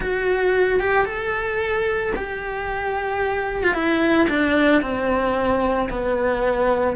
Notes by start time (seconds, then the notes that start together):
0.00 F#4
0.80 G4
1.05 A4
2.16 G4
3.63 F4
3.74 E4
4.29 D4
4.82 C4
5.89 B3